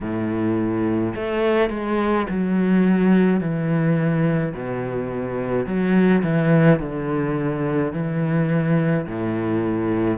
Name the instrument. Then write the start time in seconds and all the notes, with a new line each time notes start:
cello
0.00 A2
1.15 A3
1.69 G#3
2.30 F#3
3.40 E3
4.54 B2
5.66 F#3
6.23 E3
6.79 D3
7.92 E3
9.06 A2